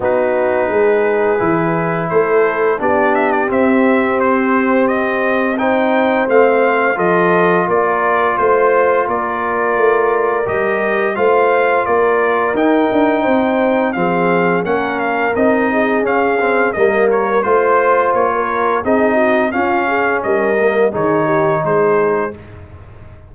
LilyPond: <<
  \new Staff \with { instrumentName = "trumpet" } { \time 4/4 \tempo 4 = 86 b'2. c''4 | d''8 e''16 d''16 e''4 c''4 dis''4 | g''4 f''4 dis''4 d''4 | c''4 d''2 dis''4 |
f''4 d''4 g''2 | f''4 fis''8 f''8 dis''4 f''4 | dis''8 cis''8 c''4 cis''4 dis''4 | f''4 dis''4 cis''4 c''4 | }
  \new Staff \with { instrumentName = "horn" } { \time 4/4 fis'4 gis'2 a'4 | g'1 | c''2 a'4 ais'4 | c''4 ais'2. |
c''4 ais'2 c''4 | gis'4 ais'4. gis'4. | ais'4 c''4~ c''16 ais'8. gis'8 fis'8 | f'8 gis'8 ais'4 gis'8 g'8 gis'4 | }
  \new Staff \with { instrumentName = "trombone" } { \time 4/4 dis'2 e'2 | d'4 c'2. | dis'4 c'4 f'2~ | f'2. g'4 |
f'2 dis'2 | c'4 cis'4 dis'4 cis'8 c'8 | ais4 f'2 dis'4 | cis'4. ais8 dis'2 | }
  \new Staff \with { instrumentName = "tuba" } { \time 4/4 b4 gis4 e4 a4 | b4 c'2.~ | c'4 a4 f4 ais4 | a4 ais4 a4 g4 |
a4 ais4 dis'8 d'8 c'4 | f4 ais4 c'4 cis'4 | g4 a4 ais4 c'4 | cis'4 g4 dis4 gis4 | }
>>